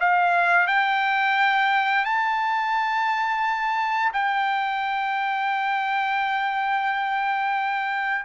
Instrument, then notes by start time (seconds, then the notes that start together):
trumpet
0.00 F5
0.67 G5
2.05 A5
4.13 G5